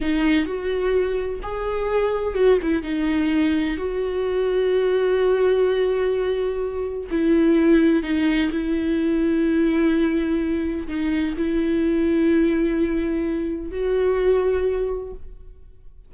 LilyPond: \new Staff \with { instrumentName = "viola" } { \time 4/4 \tempo 4 = 127 dis'4 fis'2 gis'4~ | gis'4 fis'8 e'8 dis'2 | fis'1~ | fis'2. e'4~ |
e'4 dis'4 e'2~ | e'2. dis'4 | e'1~ | e'4 fis'2. | }